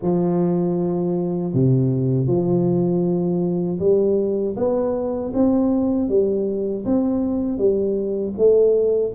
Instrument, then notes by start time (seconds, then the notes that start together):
tuba
0.02 F3
1.53 C3
2.26 F3
3.79 G3
4.56 B3
5.33 C4
6.08 G3
6.85 C4
7.57 G3
8.37 A3